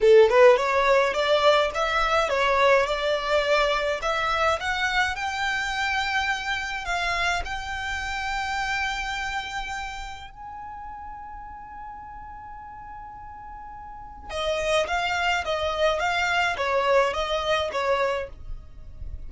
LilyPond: \new Staff \with { instrumentName = "violin" } { \time 4/4 \tempo 4 = 105 a'8 b'8 cis''4 d''4 e''4 | cis''4 d''2 e''4 | fis''4 g''2. | f''4 g''2.~ |
g''2 gis''2~ | gis''1~ | gis''4 dis''4 f''4 dis''4 | f''4 cis''4 dis''4 cis''4 | }